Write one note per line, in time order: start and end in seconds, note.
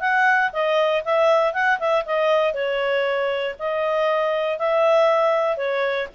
0.00 0.51 F#5
0.52 1.03 D#5
1.04 1.53 E5
1.53 1.79 F#5
1.79 2.05 E5
2.05 2.53 D#5
2.53 3.55 C#5
3.59 4.59 D#5
4.59 5.57 E5
5.57 6.08 C#5